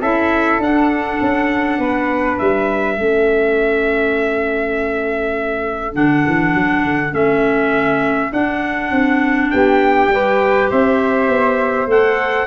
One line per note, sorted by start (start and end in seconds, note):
0.00 0.59 C#4
0.00 0.61 E4
0.00 1.78 A4
0.00 0.61 E5
0.59 1.18 D4
0.59 2.97 D4
0.59 2.38 F#5
1.21 1.78 C#4
1.78 2.37 B3
1.78 2.96 B4
2.38 2.98 G3
2.38 5.95 E5
2.96 5.95 A3
2.96 5.94 C#4
2.96 9.49 A4
5.94 6.25 D3
5.94 7.12 D4
5.94 7.13 F#5
6.27 6.54 E3
6.54 6.83 F#3
6.83 7.13 D3
7.12 8.31 A3
7.12 8.31 C#4
7.12 8.32 E5
8.32 10.10 D4
8.32 8.90 D4
8.32 9.51 F#5
8.90 9.50 C4
9.51 10.08 B3
9.51 10.12 G4
9.51 10.69 G5
10.08 10.67 G3
10.08 11.87 G4
10.14 10.70 B4
10.70 11.29 C4
10.70 12.47 C5
10.70 11.90 E5
11.29 11.86 B3
11.86 12.46 A3
11.86 12.47 A4
11.86 12.47 F#5